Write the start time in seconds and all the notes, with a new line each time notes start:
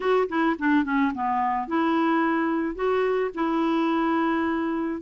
0.00 F#4
0.28 E4
0.59 D4
0.84 C#4
1.14 B3
1.67 E4
2.75 F#4
3.34 E4